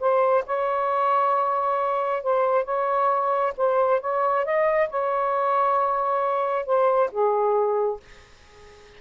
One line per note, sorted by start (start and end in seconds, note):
0.00 0.44 C5
0.46 2.23 C#5
2.23 2.65 C5
2.65 3.54 C#5
3.58 4.01 C5
4.01 4.45 C#5
4.45 4.90 D#5
4.90 6.66 C#5
6.66 7.11 C5
7.12 8.01 G#4